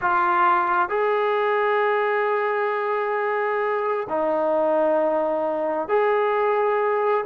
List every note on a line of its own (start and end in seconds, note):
0.01 0.89 F4
0.89 4.07 G#4
4.09 5.88 D#4
5.88 7.24 G#4